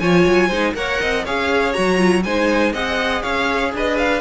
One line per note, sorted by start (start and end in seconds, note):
0.00 0.25 F3
0.00 0.52 F4
0.00 0.48 C#5
0.00 0.74 G#5
0.26 0.50 F#3
0.48 0.74 G#3
0.48 0.76 D#4
0.48 0.73 C5
0.75 1.00 A#3
0.75 1.25 A#4
0.75 1.01 C#5
0.75 1.26 F#5
1.01 1.27 C4
1.01 1.25 D#5
1.25 1.78 C#4
1.25 1.75 G#4
1.25 2.24 C#5
1.25 1.74 F5
1.74 2.25 F#3
1.74 1.98 F#4
1.74 2.23 A#5
1.98 2.23 F4
2.24 2.74 G#3
2.24 2.74 D#4
2.24 2.73 C5
2.24 2.73 G#5
2.73 3.24 C4
2.73 4.22 G#4
2.73 3.23 D#5
2.73 3.23 F#5
3.23 3.74 C#4
3.23 3.72 C#5
3.23 3.72 F5
3.74 4.22 D4
3.74 4.22 B4
3.74 3.98 D#5
3.98 4.22 F5